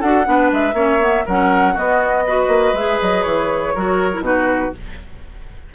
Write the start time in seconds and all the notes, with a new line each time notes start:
0.00 D4 F#4 A4 F#5
0.24 B3 D4 B4
0.52 G#3 E5
0.73 A#3 C#4 C#5
0.99 B3
1.25 F#3 C#4 A#4 F#5
1.73 B3 F#4 D#5
2.26 F#4 B4
2.48 A#3
2.73 G#3 G#4 E5
3.01 F#3 D#5
3.23 E3 C#5
3.74 F#3 F#4 A#4
4.13 E4
4.20 B2 D#4 F#4 B4